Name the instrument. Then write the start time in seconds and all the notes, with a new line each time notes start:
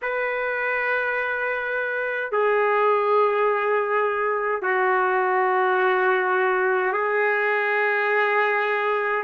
trumpet
0.02 B4
2.31 G#4
4.62 F#4
6.92 G#4